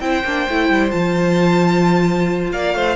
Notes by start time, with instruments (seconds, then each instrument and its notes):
0.00 cello C4, viola E4, violin C5 G5
0.24 cello A#3, viola D4
0.49 cello A3, viola E4
0.69 cello G3
0.91 cello F3, viola F4, violin A5
2.52 cello A#3, violin D5 F5
2.74 cello A3, violin C5